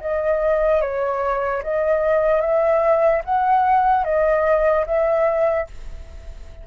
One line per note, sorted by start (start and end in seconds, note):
0.00 0.81 D#5
0.81 1.62 C#5
1.63 2.41 D#5
2.41 3.22 E5
3.24 4.04 F#5
4.04 4.85 D#5
4.86 5.67 E5